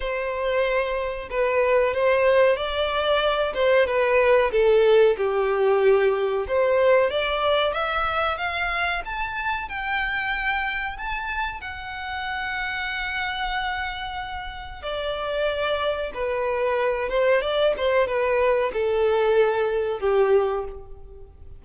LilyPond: \new Staff \with { instrumentName = "violin" } { \time 4/4 \tempo 4 = 93 c''2 b'4 c''4 | d''4. c''8 b'4 a'4 | g'2 c''4 d''4 | e''4 f''4 a''4 g''4~ |
g''4 a''4 fis''2~ | fis''2. d''4~ | d''4 b'4. c''8 d''8 c''8 | b'4 a'2 g'4 | }